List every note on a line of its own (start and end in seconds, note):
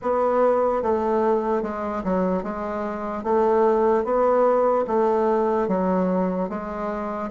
0.02 0.82 B3
0.82 1.62 A3
1.62 2.03 G#3
2.04 2.43 F#3
2.43 3.23 G#3
3.23 4.04 A3
4.04 4.85 B3
4.87 5.68 A3
5.68 6.49 F#3
6.49 7.30 G#3